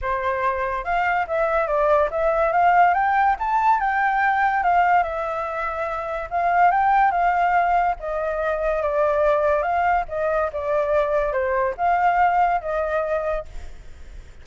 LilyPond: \new Staff \with { instrumentName = "flute" } { \time 4/4 \tempo 4 = 143 c''2 f''4 e''4 | d''4 e''4 f''4 g''4 | a''4 g''2 f''4 | e''2. f''4 |
g''4 f''2 dis''4~ | dis''4 d''2 f''4 | dis''4 d''2 c''4 | f''2 dis''2 | }